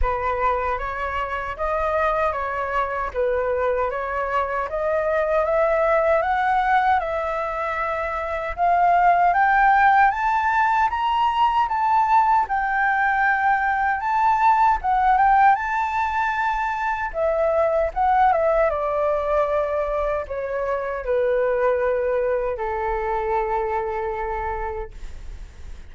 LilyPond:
\new Staff \with { instrumentName = "flute" } { \time 4/4 \tempo 4 = 77 b'4 cis''4 dis''4 cis''4 | b'4 cis''4 dis''4 e''4 | fis''4 e''2 f''4 | g''4 a''4 ais''4 a''4 |
g''2 a''4 fis''8 g''8 | a''2 e''4 fis''8 e''8 | d''2 cis''4 b'4~ | b'4 a'2. | }